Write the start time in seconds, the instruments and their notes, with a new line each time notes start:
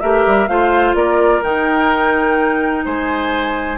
0.00 bassoon A3, clarinet G4, oboe A#4, flute E5
0.26 bassoon G3
0.47 bassoon A3, clarinet F4, oboe C5, flute F5
0.94 bassoon A#3, oboe A#4, flute D5
1.43 bassoon D#3, clarinet D#4, flute G5
2.85 bassoon G#3, oboe C5, flute G#5